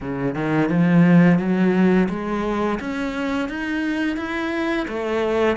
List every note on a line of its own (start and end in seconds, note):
0.00 0.35 C#3
0.35 0.69 D#3
0.69 1.38 F3
1.38 2.08 F#3
2.09 2.79 G#3
2.79 3.48 C#4
3.48 4.17 D#4
4.17 4.86 E4
4.88 5.56 A3